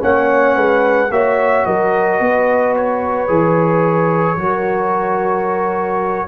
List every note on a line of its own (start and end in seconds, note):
0.00 0.57 A#3
0.00 1.09 C#4
0.00 0.56 C#5
0.00 1.12 F#5
0.56 1.11 G#3
0.56 1.10 B4
1.11 1.65 A#3
1.11 3.28 F#4
1.11 1.66 C#5
1.11 1.66 E5
1.66 2.20 F#3
1.66 2.21 A#4
1.66 2.75 D#5
2.20 3.30 B3
2.20 4.39 B4
2.77 6.28 C#5
3.28 4.38 E3
3.28 4.37 G#4
4.38 6.28 F#3
4.38 6.28 F#4
4.38 6.28 A#4